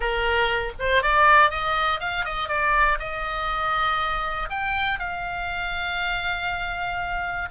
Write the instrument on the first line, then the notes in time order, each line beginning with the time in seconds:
oboe
0.00 A#4
0.79 C5
1.02 D5
1.50 D#5
2.00 F5
2.24 D#5
2.48 D5
2.99 D#5
4.49 G5
4.99 F5